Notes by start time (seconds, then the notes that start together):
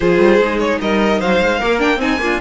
0.00 F3 F4 G#4 C5
0.18 G3
0.38 G#3 D#4
0.59 C#5
0.81 G3 A#4 D#5
1.19 F#3 C5 F5
1.40 G#3
1.59 A#3 A#4
1.79 D4 G5
1.96 C4 D#4 G#5
2.19 A#3 D4 F4